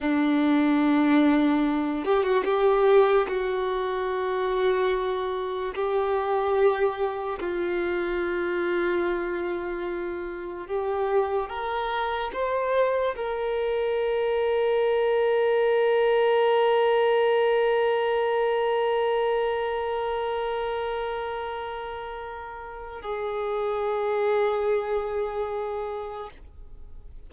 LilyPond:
\new Staff \with { instrumentName = "violin" } { \time 4/4 \tempo 4 = 73 d'2~ d'8 g'16 fis'16 g'4 | fis'2. g'4~ | g'4 f'2.~ | f'4 g'4 ais'4 c''4 |
ais'1~ | ais'1~ | ais'1 | gis'1 | }